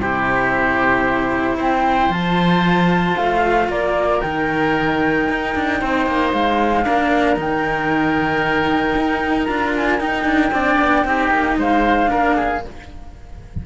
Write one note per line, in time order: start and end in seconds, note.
0.00 1.58 C3
0.00 2.10 E4
0.00 1.57 G4
0.00 1.58 C5
1.57 2.09 C4
1.57 3.67 C5
1.57 2.12 G5
2.09 3.14 F3
2.09 4.20 F4
2.09 3.16 A5
3.16 3.68 A3
3.16 3.69 F5
3.68 4.21 A#3
3.68 5.80 A#4
3.68 4.20 D5
4.20 5.29 D#3
4.20 6.84 D#4
4.20 6.31 G5
5.29 5.55 D#4
5.55 5.81 D4
5.80 6.06 C4
5.80 6.85 C5
6.06 6.33 A#3
6.31 6.86 G#3
6.31 7.36 F5
6.84 7.36 A#3
6.84 7.36 D4
6.84 10.53 A#4
7.36 8.94 D#3
7.36 9.46 D#4
7.36 9.45 G5
8.96 9.48 D#4
9.45 10.00 D4
9.45 9.98 F4
9.45 9.71 A#5
9.76 10.00 G#5
9.98 10.51 D#4
9.98 10.24 D#4
9.98 11.58 G5
10.24 10.51 D4
10.51 10.77 C4
10.51 11.06 D4
10.51 11.06 D5
10.79 11.04 B3
11.04 11.30 C4
11.04 12.06 D#4
11.04 11.58 G4
11.30 11.56 A#3
11.57 12.10 G#3
11.57 12.10 C5
11.57 12.66 F5
12.06 12.59 D4
12.06 12.35 A#4
12.12 12.65 A#3
12.35 12.62 G#4